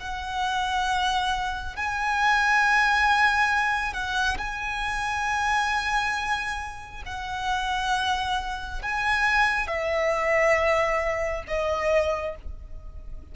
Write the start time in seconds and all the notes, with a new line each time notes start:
0.00 F#5
1.76 G#5
3.93 F#5
4.38 G#5
7.06 F#5
8.82 G#5
9.67 E5
11.47 D#5